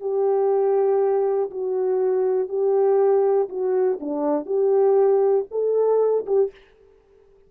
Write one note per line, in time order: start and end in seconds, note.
0.00 1.50 G4
1.50 2.48 F#4
2.48 3.48 G4
3.49 3.99 F#4
4.00 4.45 D4
4.45 5.45 G4
5.51 6.26 A4
6.26 6.51 G4